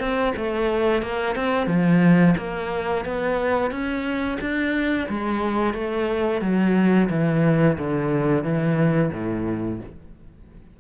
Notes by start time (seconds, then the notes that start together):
0.00 C4
0.37 A3
1.03 A#3
1.36 C4
1.68 F3
2.38 A#3
3.05 B3
3.71 C#4
4.41 D4
5.10 G#3
5.74 A3
6.42 F#3
7.10 E3
7.78 D3
8.44 E3
9.13 A2